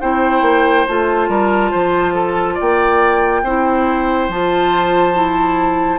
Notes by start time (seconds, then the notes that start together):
0.00 C4 E4 C5 G5
0.41 A#3
0.87 A3 F4 A5
1.28 G3 A#4
1.71 F3 C5
2.14 A4
2.54 D5 G5
2.61 A#3
3.42 C4 E4 C5
4.28 F3 F4 A5
5.14 E4